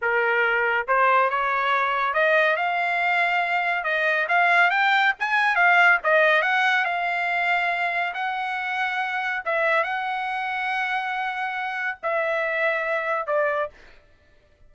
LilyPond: \new Staff \with { instrumentName = "trumpet" } { \time 4/4 \tempo 4 = 140 ais'2 c''4 cis''4~ | cis''4 dis''4 f''2~ | f''4 dis''4 f''4 g''4 | gis''4 f''4 dis''4 fis''4 |
f''2. fis''4~ | fis''2 e''4 fis''4~ | fis''1 | e''2. d''4 | }